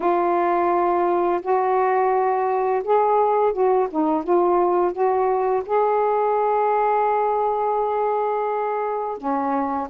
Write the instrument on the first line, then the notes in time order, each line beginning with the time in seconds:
saxophone
0.00 F4
1.41 F#4
2.84 G#4
3.52 F#4
3.90 D#4
4.23 F4
4.92 F#4
5.65 G#4
9.17 C#4